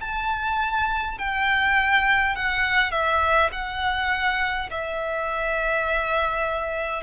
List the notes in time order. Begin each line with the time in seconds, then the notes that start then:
0.00 A5
1.18 G5
2.35 F#5
2.91 E5
3.52 F#5
4.70 E5